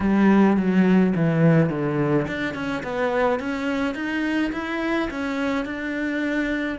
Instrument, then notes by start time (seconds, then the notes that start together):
cello
0.00 G3
0.57 F#3
1.15 E3
1.69 D3
2.27 D4
2.54 C#4
2.83 B3
3.39 C#4
3.95 D#4
4.52 E4
5.10 C#4
5.64 D4